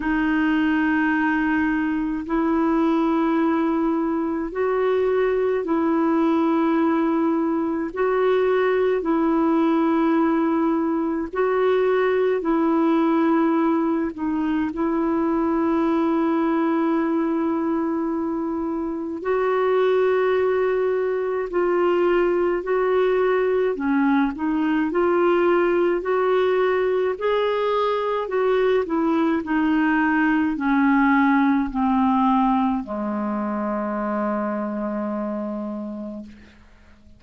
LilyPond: \new Staff \with { instrumentName = "clarinet" } { \time 4/4 \tempo 4 = 53 dis'2 e'2 | fis'4 e'2 fis'4 | e'2 fis'4 e'4~ | e'8 dis'8 e'2.~ |
e'4 fis'2 f'4 | fis'4 cis'8 dis'8 f'4 fis'4 | gis'4 fis'8 e'8 dis'4 cis'4 | c'4 gis2. | }